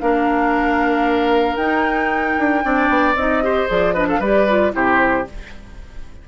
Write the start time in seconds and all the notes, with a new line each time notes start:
0.00 A#3 D4 A#4 F5
1.57 D#4 G5
2.39 D4
2.63 C4 D4 D5
2.89 B3
3.15 C4 D#4 D#5
3.43 G4 C5
3.68 F3 G#4 D5
3.94 D4 B4 D#5
4.09 A4 F5
4.20 G3 G4 B4 D5
4.49 F4
4.72 C3 E4 G4 C5